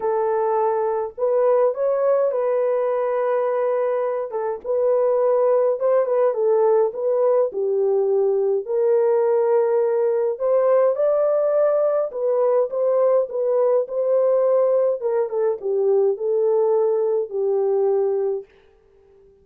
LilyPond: \new Staff \with { instrumentName = "horn" } { \time 4/4 \tempo 4 = 104 a'2 b'4 cis''4 | b'2.~ b'8 a'8 | b'2 c''8 b'8 a'4 | b'4 g'2 ais'4~ |
ais'2 c''4 d''4~ | d''4 b'4 c''4 b'4 | c''2 ais'8 a'8 g'4 | a'2 g'2 | }